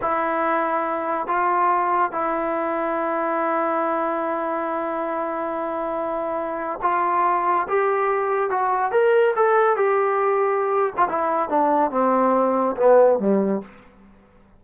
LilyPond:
\new Staff \with { instrumentName = "trombone" } { \time 4/4 \tempo 4 = 141 e'2. f'4~ | f'4 e'2.~ | e'1~ | e'1 |
f'2 g'2 | fis'4 ais'4 a'4 g'4~ | g'4.~ g'16 f'16 e'4 d'4 | c'2 b4 g4 | }